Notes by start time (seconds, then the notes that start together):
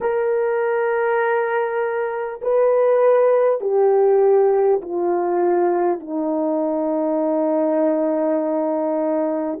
0.00 A#4
2.41 B4
3.60 G4
4.81 F4
6.00 D#4